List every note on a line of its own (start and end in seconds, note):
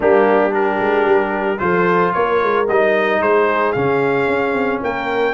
0.00 0.79 G3
0.00 0.50 A#3
0.00 0.52 D4
0.00 0.54 G4
0.50 1.57 D4
0.50 1.60 G4
0.50 1.59 A#4
0.79 1.05 G#3
1.05 1.59 G3
1.59 2.14 F3
1.59 2.66 F4
1.59 2.14 A4
1.59 2.12 C5
2.13 2.42 A#3
2.13 3.21 A#4
2.13 2.67 C#5
2.42 2.68 G#3
2.68 3.21 G3
2.68 3.75 D#4
2.68 3.22 D#5
3.21 3.74 G#3
3.21 4.81 G#4
3.21 3.72 C5
3.72 4.27 C#3
3.72 5.33 C#4
3.72 4.79 F5
4.27 4.53 C#4
4.53 4.80 C4
4.81 5.33 A#3
4.81 5.33 A#4
4.81 5.33 G5